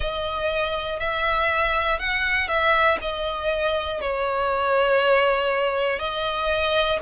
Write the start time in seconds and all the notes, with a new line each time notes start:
0.00 D#5
1.00 E5
1.99 F#5
2.47 E5
3.01 D#5
4.01 C#5
5.99 D#5